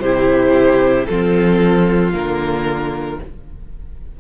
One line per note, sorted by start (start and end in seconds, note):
0.00 1.05 C3
0.00 1.09 E4
0.00 1.08 G4
0.00 1.06 C5
1.06 2.14 F3
1.06 2.12 C4
1.06 3.21 F4
1.06 2.11 A4
2.12 3.19 D3
2.12 3.18 A#3
2.12 3.20 A#4